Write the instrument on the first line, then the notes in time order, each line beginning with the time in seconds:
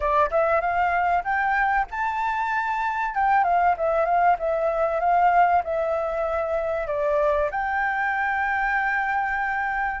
flute
0.00 D5
0.30 E5
0.60 F5
1.23 G5
1.91 A5
3.14 G5
3.44 F5
3.77 E5
4.05 F5
4.39 E5
4.99 F5
5.64 E5
6.87 D5
7.50 G5